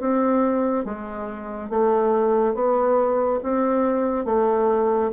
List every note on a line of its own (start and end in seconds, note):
0.00 0.85 C4
0.85 1.69 G#3
1.69 2.54 A3
2.54 3.40 B3
3.43 4.25 C4
4.25 5.11 A3